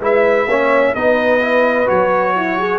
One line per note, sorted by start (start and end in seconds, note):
0.00 0.47 G#3
0.00 0.48 E4
0.00 0.48 B4
0.00 0.95 E5
0.47 0.94 A#3
0.47 0.96 C#4
0.47 0.95 C#5
0.95 1.90 B3
0.95 1.41 D#4
0.95 2.36 B4
0.95 1.88 D#5
1.41 1.87 E4
1.87 2.79 F#3
1.87 2.79 F#4
1.87 2.79 C#5
2.36 2.59 E4
2.59 2.79 G#4